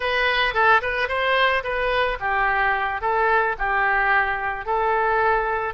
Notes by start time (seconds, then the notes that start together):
0.00 B4
0.53 A4
0.81 B4
1.08 C5
1.63 B4
2.20 G4
3.01 A4
3.58 G4
4.65 A4